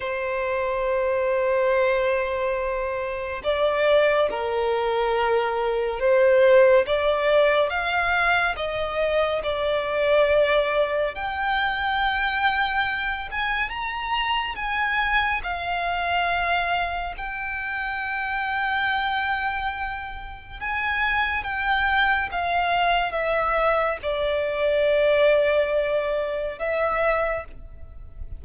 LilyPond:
\new Staff \with { instrumentName = "violin" } { \time 4/4 \tempo 4 = 70 c''1 | d''4 ais'2 c''4 | d''4 f''4 dis''4 d''4~ | d''4 g''2~ g''8 gis''8 |
ais''4 gis''4 f''2 | g''1 | gis''4 g''4 f''4 e''4 | d''2. e''4 | }